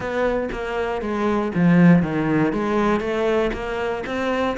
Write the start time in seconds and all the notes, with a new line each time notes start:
0.00 B3
0.52 A#3
1.01 G#3
1.54 F3
2.02 D#3
2.53 G#3
3.00 A3
3.53 A#3
4.06 C4